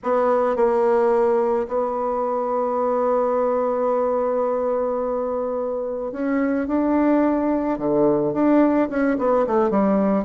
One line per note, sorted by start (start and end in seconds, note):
0.03 0.56 B3
0.56 1.67 A#3
1.67 6.12 B3
6.12 6.67 C#4
6.67 7.78 D4
7.78 8.33 D3
8.33 8.88 D4
8.89 9.17 C#4
9.18 9.46 B3
9.46 9.70 A3
9.70 10.24 G3